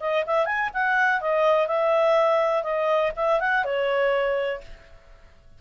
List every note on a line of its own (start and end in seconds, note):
0.00 0.24 D#5
0.26 0.45 E5
0.45 0.70 G#5
0.73 1.21 F#5
1.21 1.67 D#5
1.67 2.63 E5
2.63 3.11 D#5
3.16 3.40 E5
3.40 3.64 F#5
3.64 4.61 C#5